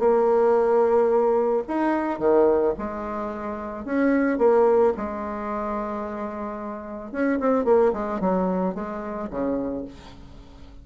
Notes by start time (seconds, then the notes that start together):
0.00 A#3
1.68 D#4
2.19 D#3
2.79 G#3
3.86 C#4
4.39 A#3
4.97 G#3
7.12 C#4
7.40 C4
7.65 A#3
7.93 G#3
8.20 F#3
8.75 G#3
9.30 C#3